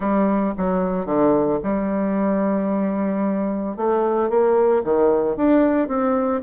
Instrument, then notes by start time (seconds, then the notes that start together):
bassoon
0.00 G3
0.57 F#3
1.05 D3
1.63 G3
3.76 A3
4.29 A#3
4.84 D#3
5.36 D4
5.88 C4